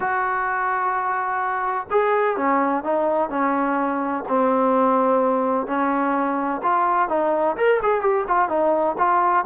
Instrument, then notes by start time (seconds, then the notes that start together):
trombone
0.00 F#4
1.90 G#4
2.36 C#4
2.83 D#4
3.29 C#4
4.28 C4
5.66 C#4
6.62 F4
7.09 D#4
7.57 A#4
7.82 G#4
8.01 G4
8.27 F4
8.48 D#4
8.98 F4